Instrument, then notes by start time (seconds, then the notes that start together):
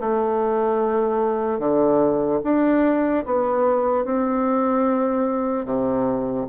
bassoon
0.00 A3
1.59 D3
2.44 D4
3.25 B3
4.05 C4
5.65 C3